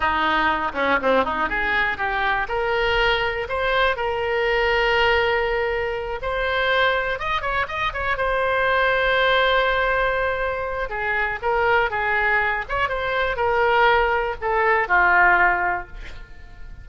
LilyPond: \new Staff \with { instrumentName = "oboe" } { \time 4/4 \tempo 4 = 121 dis'4. cis'8 c'8 dis'8 gis'4 | g'4 ais'2 c''4 | ais'1~ | ais'8 c''2 dis''8 cis''8 dis''8 |
cis''8 c''2.~ c''8~ | c''2 gis'4 ais'4 | gis'4. cis''8 c''4 ais'4~ | ais'4 a'4 f'2 | }